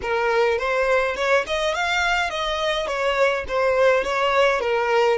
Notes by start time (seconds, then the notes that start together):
0.02 A#4
0.58 C5
1.16 C#5
1.46 D#5
1.74 F5
2.30 D#5
2.87 C#5
3.48 C5
4.04 C#5
4.60 A#4